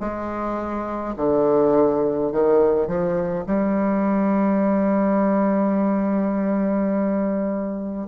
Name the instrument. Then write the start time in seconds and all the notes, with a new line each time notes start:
bassoon
0.00 G#3
1.16 D3
2.32 D#3
2.87 F3
3.47 G3